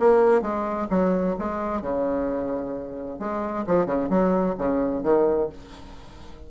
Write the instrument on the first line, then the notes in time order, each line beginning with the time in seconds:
bassoon
0.00 A#3
0.42 G#3
0.90 F#3
1.39 G#3
1.82 C#3
3.20 G#3
3.67 F3
3.86 C#3
4.10 F#3
4.58 C#3
5.04 D#3